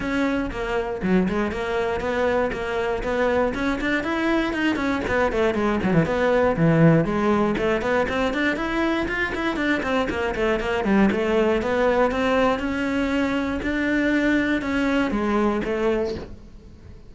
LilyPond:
\new Staff \with { instrumentName = "cello" } { \time 4/4 \tempo 4 = 119 cis'4 ais4 fis8 gis8 ais4 | b4 ais4 b4 cis'8 d'8 | e'4 dis'8 cis'8 b8 a8 gis8 fis16 e16 | b4 e4 gis4 a8 b8 |
c'8 d'8 e'4 f'8 e'8 d'8 c'8 | ais8 a8 ais8 g8 a4 b4 | c'4 cis'2 d'4~ | d'4 cis'4 gis4 a4 | }